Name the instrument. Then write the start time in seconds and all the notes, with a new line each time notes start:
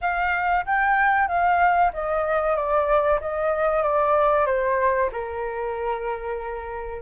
flute
0.01 F5
0.65 G5
1.28 F5
1.93 D#5
2.55 D5
3.21 D#5
3.82 D5
4.46 C5
5.12 A#4